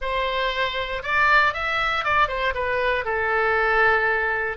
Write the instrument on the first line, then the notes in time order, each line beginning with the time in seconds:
oboe
0.01 C5
1.02 D5
1.53 E5
2.04 D5
2.28 C5
2.54 B4
3.04 A4